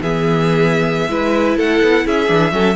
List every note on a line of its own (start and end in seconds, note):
0.00 1.08 E3
0.00 1.10 B3
0.00 1.10 G#4
0.00 1.58 E5
1.08 1.56 G#3
1.08 2.27 E4
1.08 1.57 B4
1.57 1.81 A3
1.57 2.05 A4
1.57 2.07 F#5
1.81 2.05 B3
2.05 2.29 C#4
2.05 2.53 G#4
2.05 2.75 E5
2.27 2.51 E3
2.27 2.51 D4
2.51 2.75 F#3
2.51 2.75 C#4
2.51 2.75 A4